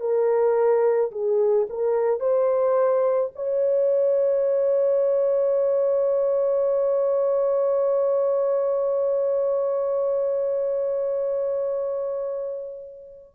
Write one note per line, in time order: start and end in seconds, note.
0.00 1.11 A#4
1.11 1.67 G#4
1.69 2.20 A#4
2.20 3.31 C5
3.35 13.34 C#5